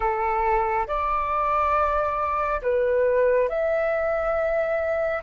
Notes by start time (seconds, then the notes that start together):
0.00 A4
0.87 D5
2.61 B4
3.48 E5